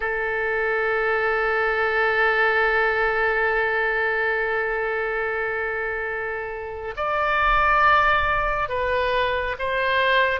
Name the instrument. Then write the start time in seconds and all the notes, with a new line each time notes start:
oboe
0.00 A4
6.96 D5
8.68 B4
9.58 C5